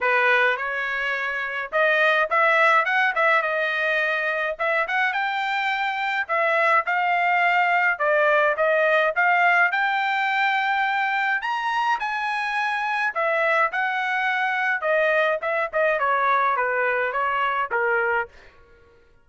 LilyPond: \new Staff \with { instrumentName = "trumpet" } { \time 4/4 \tempo 4 = 105 b'4 cis''2 dis''4 | e''4 fis''8 e''8 dis''2 | e''8 fis''8 g''2 e''4 | f''2 d''4 dis''4 |
f''4 g''2. | ais''4 gis''2 e''4 | fis''2 dis''4 e''8 dis''8 | cis''4 b'4 cis''4 ais'4 | }